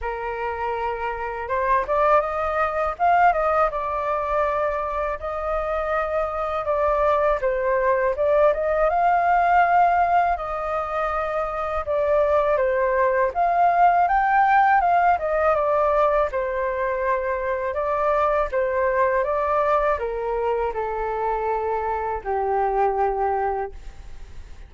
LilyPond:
\new Staff \with { instrumentName = "flute" } { \time 4/4 \tempo 4 = 81 ais'2 c''8 d''8 dis''4 | f''8 dis''8 d''2 dis''4~ | dis''4 d''4 c''4 d''8 dis''8 | f''2 dis''2 |
d''4 c''4 f''4 g''4 | f''8 dis''8 d''4 c''2 | d''4 c''4 d''4 ais'4 | a'2 g'2 | }